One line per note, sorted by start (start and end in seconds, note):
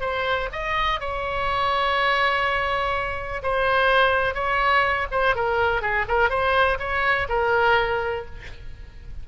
0.00 0.48 C5
0.52 1.00 D#5
1.00 3.42 C#5
3.43 4.34 C5
4.34 5.07 C#5
5.11 5.35 C5
5.35 5.81 A#4
5.81 6.05 G#4
6.08 6.29 A#4
6.29 6.78 C5
6.79 7.27 C#5
7.29 8.25 A#4